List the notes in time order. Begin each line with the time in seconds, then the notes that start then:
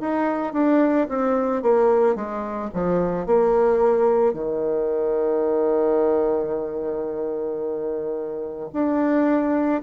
0.00 D#4
0.53 D4
1.09 C4
1.62 A#3
2.15 G#3
2.74 F3
3.26 A#3
4.33 D#3
8.73 D4